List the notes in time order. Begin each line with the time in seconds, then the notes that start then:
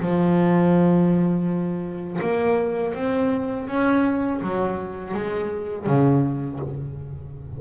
0.00 F3
2.21 A#3
2.94 C4
3.68 C#4
4.41 F#3
5.14 G#3
5.86 C#3